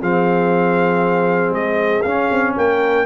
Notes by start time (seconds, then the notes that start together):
0.00 F3 C4 G#4 F5
1.51 G#3 D#5
2.02 C#4 F5
2.31 C4
2.56 A#3 A#4 G5